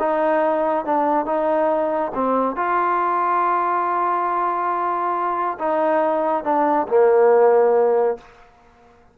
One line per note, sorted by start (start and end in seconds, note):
0.00 0.86 D#4
0.86 1.26 D4
1.26 2.12 D#4
2.15 2.56 C4
2.56 5.59 F4
5.59 6.45 D#4
6.45 6.88 D4
6.89 8.18 A#3